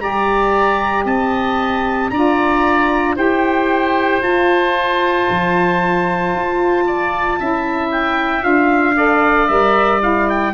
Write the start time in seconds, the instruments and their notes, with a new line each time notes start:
0.00 tuba G3, saxophone G4, oboe D5, trumpet A#5
1.05 tuba C4, oboe D#5, trumpet A5
2.10 tuba D4, saxophone F4, oboe D5, trumpet A#5
3.16 tuba E4, saxophone G4, oboe C5, trumpet G5
4.22 tuba F4, saxophone F4, trumpet A5
5.30 tuba F3
6.35 tuba F4
6.87 oboe D5
7.39 tuba C#4, saxophone E4, oboe E5
7.92 trumpet G5
8.41 tuba D4, saxophone F4, trumpet F5
8.96 saxophone A4, oboe D5
9.48 tuba G3, saxophone A#4, trumpet E5
10.00 saxophone E4, trumpet F5
10.30 trumpet G5